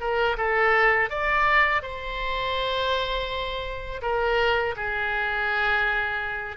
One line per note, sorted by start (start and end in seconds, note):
0.00 0.37 A#4
0.38 1.10 A4
1.10 1.82 D5
1.82 4.02 C5
4.02 4.75 A#4
4.76 6.57 G#4